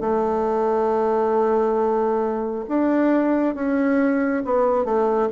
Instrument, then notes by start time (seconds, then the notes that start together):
bassoon
0.00 A3
2.68 D4
3.55 C#4
4.44 B3
4.84 A3